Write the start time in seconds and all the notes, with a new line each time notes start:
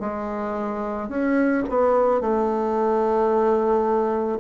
0.00 G#3
1.09 C#4
1.70 B3
2.21 A3